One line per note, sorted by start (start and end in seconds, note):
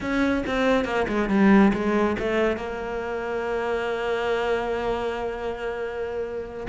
0.00 0.43 C#4
0.46 0.85 C4
0.85 1.06 A#3
1.08 1.29 G#3
1.29 1.72 G3
1.73 2.16 G#3
2.19 2.56 A3
2.56 6.66 A#3